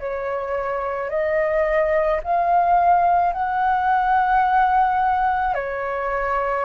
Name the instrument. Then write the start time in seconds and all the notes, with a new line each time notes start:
flute
0.00 C#5
1.10 D#5
2.24 F5
3.33 F#5
5.55 C#5